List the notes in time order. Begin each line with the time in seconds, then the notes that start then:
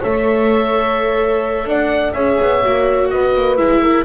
0.00 A3 A4 C#5 E5
1.65 D4 D5 F#5
2.13 C#4 G#4 C#5 E5
2.41 B3
2.63 A#3 F#4
3.10 B3 B4 D#5
3.35 A#3
3.57 G#3 E4 E5
3.82 A#4